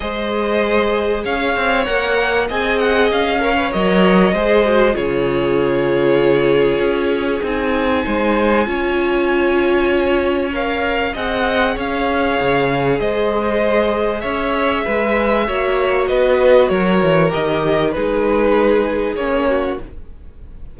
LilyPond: <<
  \new Staff \with { instrumentName = "violin" } { \time 4/4 \tempo 4 = 97 dis''2 f''4 fis''4 | gis''8 fis''8 f''4 dis''2 | cis''1 | gis''1~ |
gis''4 f''4 fis''4 f''4~ | f''4 dis''2 e''4~ | e''2 dis''4 cis''4 | dis''4 b'2 cis''4 | }
  \new Staff \with { instrumentName = "violin" } { \time 4/4 c''2 cis''2 | dis''4. cis''4. c''4 | gis'1~ | gis'4 c''4 cis''2~ |
cis''2 dis''4 cis''4~ | cis''4 c''2 cis''4 | b'4 cis''4 b'4 ais'4~ | ais'4 gis'2~ gis'8 fis'8 | }
  \new Staff \with { instrumentName = "viola" } { \time 4/4 gis'2. ais'4 | gis'4. ais'16 b'16 ais'4 gis'8 fis'8 | f'1 | dis'2 f'2~ |
f'4 ais'4 gis'2~ | gis'1~ | gis'4 fis'2. | g'4 dis'2 cis'4 | }
  \new Staff \with { instrumentName = "cello" } { \time 4/4 gis2 cis'8 c'8 ais4 | c'4 cis'4 fis4 gis4 | cis2. cis'4 | c'4 gis4 cis'2~ |
cis'2 c'4 cis'4 | cis4 gis2 cis'4 | gis4 ais4 b4 fis8 e8 | dis4 gis2 ais4 | }
>>